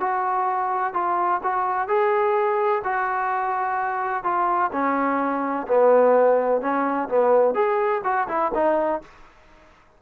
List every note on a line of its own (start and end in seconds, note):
0.00 0.93 F#4
0.93 1.41 F4
1.43 1.88 F#4
1.88 2.82 G#4
2.84 4.23 F#4
4.23 4.71 F4
4.72 5.66 C#4
5.68 6.61 B3
6.61 7.08 C#4
7.08 7.54 B3
7.54 8.01 G#4
8.04 8.28 F#4
8.28 8.51 E4
8.54 9.02 D#4